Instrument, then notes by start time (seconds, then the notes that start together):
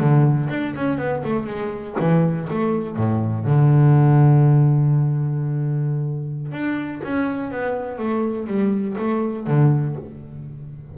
double bass
0.00 D3
0.49 D4
0.76 C#4
0.98 B3
1.24 A3
1.46 G#3
1.99 E3
2.50 A3
2.97 A2
3.45 D3
6.52 D4
7.04 C#4
7.51 B3
7.98 A3
8.47 G3
8.98 A3
9.47 D3